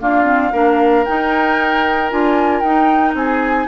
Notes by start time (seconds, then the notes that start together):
0.00 A#3 D4 F4 F5
0.24 C4
0.53 A#3 D4 A#4
1.05 D#4 G5
2.10 D4 F4 G#5
2.60 D#4 G5
3.14 C4 G#4 G#5